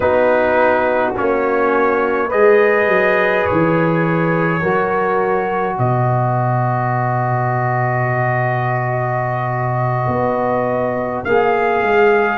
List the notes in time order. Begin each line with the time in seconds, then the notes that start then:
0.00 B3 D#4 F#4 B4
1.14 A#3 C#4 C#5
2.27 G#3 G#4 B4 D#5
2.87 F#3
3.45 E3 C#5
4.62 F#3 F#4 A#4
5.76 B2 B4 D#5
10.07 B3
11.24 A#3 G#4 F5
11.82 G#3